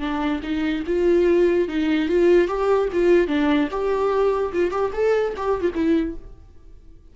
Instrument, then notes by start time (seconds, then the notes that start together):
viola
0.00 D4
0.43 D#4
0.86 F4
1.68 D#4
2.09 F4
2.48 G4
2.93 F4
3.28 D4
3.71 G4
4.53 F4
4.71 G4
4.93 A4
5.37 G4
5.61 F4
5.75 E4